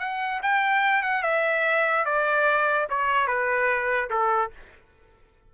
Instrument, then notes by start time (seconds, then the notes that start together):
trumpet
0.00 F#5
0.43 G5
1.03 F#5
1.23 E5
2.06 D5
2.90 C#5
3.28 B4
4.10 A4